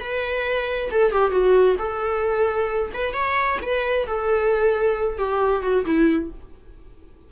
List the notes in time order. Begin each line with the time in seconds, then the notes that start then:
0.00 B4
0.91 A4
1.12 G4
1.31 F#4
1.78 A4
2.94 B4
3.14 C#5
3.62 B4
4.06 A4
5.18 G4
5.62 F#4
5.85 E4